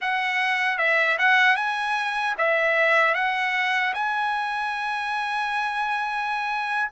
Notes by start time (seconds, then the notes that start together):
0.01 F#5
0.78 E5
1.18 F#5
1.56 G#5
2.38 E5
3.14 F#5
3.94 G#5